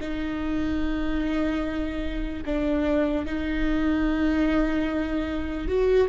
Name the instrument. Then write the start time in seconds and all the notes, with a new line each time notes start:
viola
0.00 D#4
2.45 D4
3.26 D#4
5.68 F#4